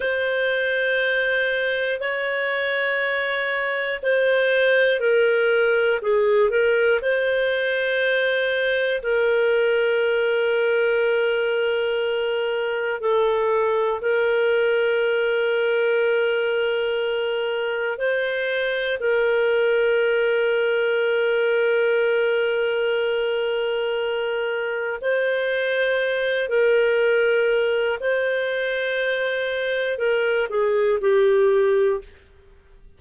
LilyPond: \new Staff \with { instrumentName = "clarinet" } { \time 4/4 \tempo 4 = 60 c''2 cis''2 | c''4 ais'4 gis'8 ais'8 c''4~ | c''4 ais'2.~ | ais'4 a'4 ais'2~ |
ais'2 c''4 ais'4~ | ais'1~ | ais'4 c''4. ais'4. | c''2 ais'8 gis'8 g'4 | }